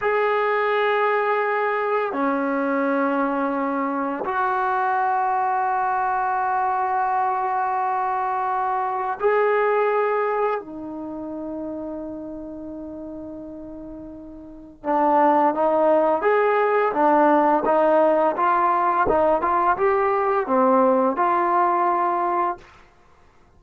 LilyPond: \new Staff \with { instrumentName = "trombone" } { \time 4/4 \tempo 4 = 85 gis'2. cis'4~ | cis'2 fis'2~ | fis'1~ | fis'4 gis'2 dis'4~ |
dis'1~ | dis'4 d'4 dis'4 gis'4 | d'4 dis'4 f'4 dis'8 f'8 | g'4 c'4 f'2 | }